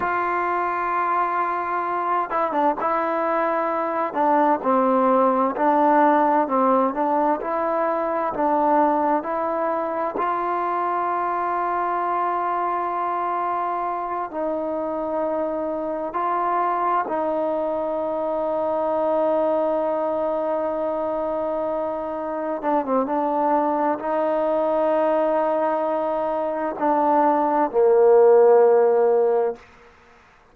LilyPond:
\new Staff \with { instrumentName = "trombone" } { \time 4/4 \tempo 4 = 65 f'2~ f'8 e'16 d'16 e'4~ | e'8 d'8 c'4 d'4 c'8 d'8 | e'4 d'4 e'4 f'4~ | f'2.~ f'8 dis'8~ |
dis'4. f'4 dis'4.~ | dis'1~ | dis'8 d'16 c'16 d'4 dis'2~ | dis'4 d'4 ais2 | }